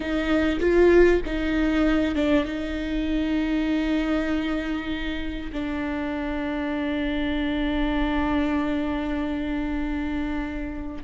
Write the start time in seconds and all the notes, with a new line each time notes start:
0.00 D#4
0.60 F4
1.25 D#4
2.15 D4
2.45 D#4
5.52 D4